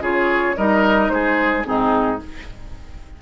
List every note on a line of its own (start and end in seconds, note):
0.00 0.55 C#3
0.00 0.55 F4
0.00 0.56 G#4
0.00 0.56 C#5
0.56 1.09 G3
0.56 1.63 D#4
0.56 1.11 A#4
0.56 1.09 D#5
1.09 1.64 G#3
1.09 1.67 G#4
1.09 1.63 C5
1.63 2.21 G#2
1.63 2.18 C4
1.63 2.21 D#4
1.63 2.19 G#4